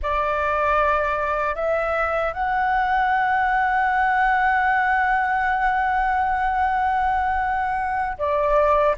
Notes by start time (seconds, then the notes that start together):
0.02 D5
1.55 E5
2.33 F#5
8.18 D5